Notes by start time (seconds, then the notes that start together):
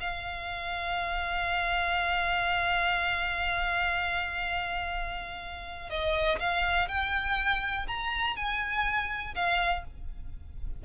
0.00 F5
5.89 D#5
6.39 F5
6.88 G5
7.87 A#5
8.36 G#5
9.35 F5